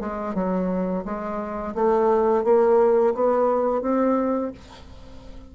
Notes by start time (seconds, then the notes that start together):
0.00 G#3
0.35 F#3
1.05 G#3
1.75 A3
2.44 A#3
3.15 B3
3.82 C4